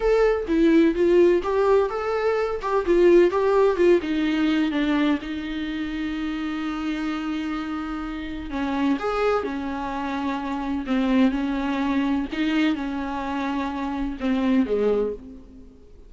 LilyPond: \new Staff \with { instrumentName = "viola" } { \time 4/4 \tempo 4 = 127 a'4 e'4 f'4 g'4 | a'4. g'8 f'4 g'4 | f'8 dis'4. d'4 dis'4~ | dis'1~ |
dis'2 cis'4 gis'4 | cis'2. c'4 | cis'2 dis'4 cis'4~ | cis'2 c'4 gis4 | }